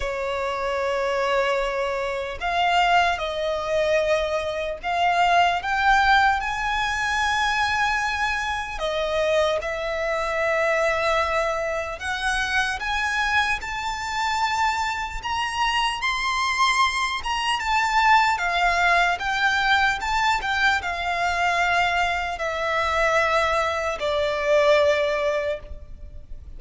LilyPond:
\new Staff \with { instrumentName = "violin" } { \time 4/4 \tempo 4 = 75 cis''2. f''4 | dis''2 f''4 g''4 | gis''2. dis''4 | e''2. fis''4 |
gis''4 a''2 ais''4 | c'''4. ais''8 a''4 f''4 | g''4 a''8 g''8 f''2 | e''2 d''2 | }